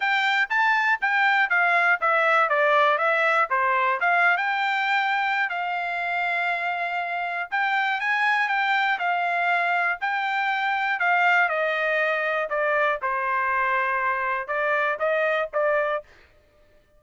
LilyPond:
\new Staff \with { instrumentName = "trumpet" } { \time 4/4 \tempo 4 = 120 g''4 a''4 g''4 f''4 | e''4 d''4 e''4 c''4 | f''8. g''2~ g''16 f''4~ | f''2. g''4 |
gis''4 g''4 f''2 | g''2 f''4 dis''4~ | dis''4 d''4 c''2~ | c''4 d''4 dis''4 d''4 | }